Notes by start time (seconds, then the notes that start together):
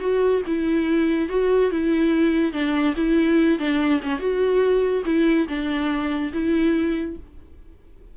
0.00 F#4
0.47 E4
1.29 F#4
1.71 E4
2.53 D4
2.96 E4
3.59 D4
4.03 C#4
4.19 F#4
5.06 E4
5.48 D4
6.33 E4